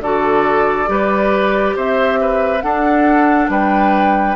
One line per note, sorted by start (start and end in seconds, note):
0.00 0.87 D3
0.00 0.86 F#4
0.00 0.89 A4
0.00 1.76 D5
0.86 1.75 G3
0.86 2.60 G4
0.86 1.76 B4
1.76 2.63 C4
1.76 2.19 C5
1.76 2.61 E5
2.21 2.64 B4
2.61 4.36 D4
2.61 3.49 D4
2.61 3.51 A4
2.61 3.48 F#5
3.49 4.36 G3
3.49 4.36 B4
3.49 4.36 G5